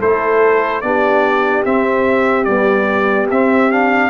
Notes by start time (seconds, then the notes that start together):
0.00 A3 E4 A4 C5
0.82 B3 D4 G4 D5
1.66 C4 E5
2.45 G3 B3 D5
3.31 C4 E5
3.71 D4 F5